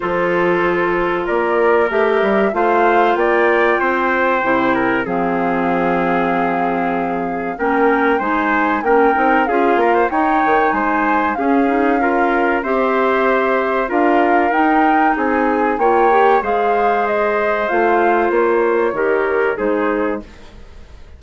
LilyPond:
<<
  \new Staff \with { instrumentName = "flute" } { \time 4/4 \tempo 4 = 95 c''2 d''4 e''4 | f''4 g''2. | f''1 | g''4 gis''4 g''4 f''4 |
g''4 gis''4 f''2 | e''2 f''4 g''4 | gis''4 g''4 f''4 dis''4 | f''4 cis''2 c''4 | }
  \new Staff \with { instrumentName = "trumpet" } { \time 4/4 a'2 ais'2 | c''4 d''4 c''4. ais'8 | gis'1 | ais'4 c''4 ais'4 gis'8 ais'16 c''16 |
cis''4 c''4 gis'4 ais'4 | c''2 ais'2 | gis'4 cis''4 c''2~ | c''2 ais'4 gis'4 | }
  \new Staff \with { instrumentName = "clarinet" } { \time 4/4 f'2. g'4 | f'2. e'4 | c'1 | cis'4 dis'4 cis'8 dis'8 f'4 |
dis'2 cis'8 dis'8 f'4 | g'2 f'4 dis'4~ | dis'4 f'8 g'8 gis'2 | f'2 g'4 dis'4 | }
  \new Staff \with { instrumentName = "bassoon" } { \time 4/4 f2 ais4 a8 g8 | a4 ais4 c'4 c4 | f1 | ais4 gis4 ais8 c'8 cis'8 ais8 |
dis'8 dis8 gis4 cis'2 | c'2 d'4 dis'4 | c'4 ais4 gis2 | a4 ais4 dis4 gis4 | }
>>